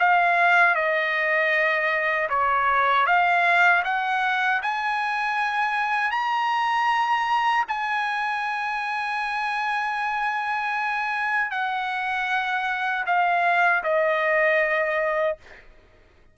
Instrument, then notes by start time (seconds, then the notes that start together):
trumpet
0.00 F5
0.76 D#5
2.30 C#5
3.07 F5
3.85 F#5
4.63 G#5
6.12 A#5
7.69 G#5
11.51 F#5
13.07 F5
13.84 D#5